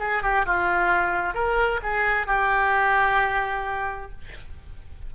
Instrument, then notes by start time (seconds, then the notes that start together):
oboe
0.00 G#4
0.23 G4
0.46 F4
1.34 A#4
1.83 G#4
2.27 G4